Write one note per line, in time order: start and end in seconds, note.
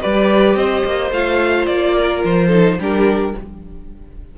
0.00 0.55 G3
0.00 1.11 G4
0.00 0.56 B4
0.00 0.55 D5
0.55 0.83 C4
0.55 1.96 C5
0.55 1.11 D#5
0.85 1.11 A#3
1.11 1.66 A3
1.11 2.50 F4
1.11 1.66 F5
1.66 2.23 A#3
1.66 2.22 D5
1.96 2.48 A#4
2.24 2.78 F3
2.24 2.80 C5
2.48 2.77 D#4
2.48 2.75 A4
2.78 3.34 G3
2.78 3.36 D4
2.78 3.35 G4
2.78 3.38 A#4